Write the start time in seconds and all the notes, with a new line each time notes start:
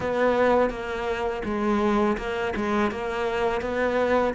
0.00 B3
0.70 A#3
1.45 G#3
2.17 A#3
2.56 G#3
2.91 A#3
3.61 B3